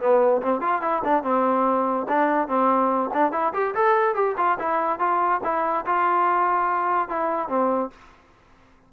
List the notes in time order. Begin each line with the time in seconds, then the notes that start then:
0.00 B3
0.42 C4
0.61 F4
0.81 E4
1.04 D4
1.23 C4
2.08 D4
2.48 C4
3.14 D4
3.32 E4
3.54 G4
3.75 A4
4.15 G4
4.37 F4
4.59 E4
4.99 F4
5.43 E4
5.86 F4
7.09 E4
7.48 C4